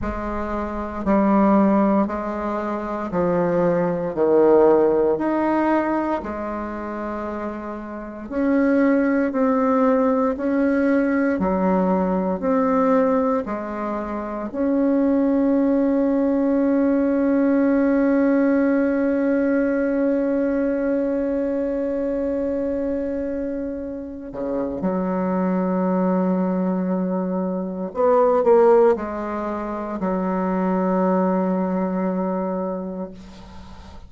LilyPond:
\new Staff \with { instrumentName = "bassoon" } { \time 4/4 \tempo 4 = 58 gis4 g4 gis4 f4 | dis4 dis'4 gis2 | cis'4 c'4 cis'4 fis4 | c'4 gis4 cis'2~ |
cis'1~ | cis'2.~ cis'8 cis8 | fis2. b8 ais8 | gis4 fis2. | }